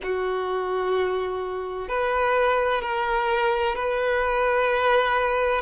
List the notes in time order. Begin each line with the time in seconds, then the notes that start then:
0.03 F#4
1.88 B4
2.81 A#4
3.75 B4